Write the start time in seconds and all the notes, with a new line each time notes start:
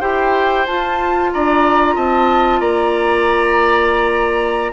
0.00 E4 G4 C5 G5
0.66 F4 A5
1.33 D4 D5 A#5
1.95 C4 D#5 A5
2.60 A#3 D5 A#5